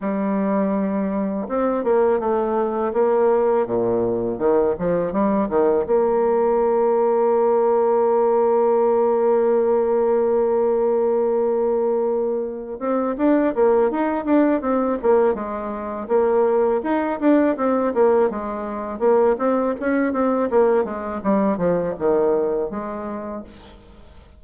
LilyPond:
\new Staff \with { instrumentName = "bassoon" } { \time 4/4 \tempo 4 = 82 g2 c'8 ais8 a4 | ais4 ais,4 dis8 f8 g8 dis8 | ais1~ | ais1~ |
ais4. c'8 d'8 ais8 dis'8 d'8 | c'8 ais8 gis4 ais4 dis'8 d'8 | c'8 ais8 gis4 ais8 c'8 cis'8 c'8 | ais8 gis8 g8 f8 dis4 gis4 | }